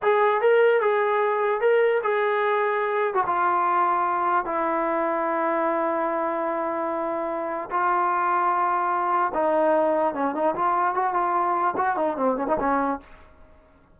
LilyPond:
\new Staff \with { instrumentName = "trombone" } { \time 4/4 \tempo 4 = 148 gis'4 ais'4 gis'2 | ais'4 gis'2~ gis'8. fis'16 | f'2. e'4~ | e'1~ |
e'2. f'4~ | f'2. dis'4~ | dis'4 cis'8 dis'8 f'4 fis'8 f'8~ | f'4 fis'8 dis'8 c'8 cis'16 dis'16 cis'4 | }